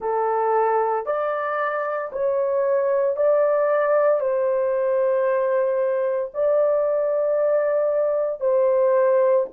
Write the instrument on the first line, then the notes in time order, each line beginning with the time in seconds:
horn
0.00 A4
1.06 D5
2.12 C#5
3.16 D5
4.20 C5
6.33 D5
8.40 C5